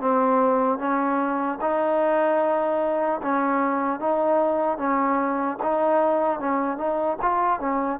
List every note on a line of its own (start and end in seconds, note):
0.00 0.79 C4
0.79 1.59 C#4
1.61 3.21 D#4
3.22 4.00 C#4
4.00 4.77 D#4
4.77 5.57 C#4
5.62 6.40 D#4
6.40 6.77 C#4
6.77 7.17 D#4
7.21 7.60 F4
7.60 8.00 C#4